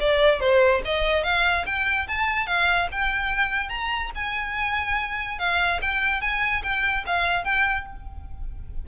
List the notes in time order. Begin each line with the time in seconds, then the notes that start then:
0.00 D5
0.40 C5
0.85 D#5
1.24 F5
1.66 G5
2.08 A5
2.47 F5
2.92 G5
3.69 A#5
4.15 G#5
5.39 F5
5.82 G5
6.21 G#5
6.63 G5
7.06 F5
7.44 G5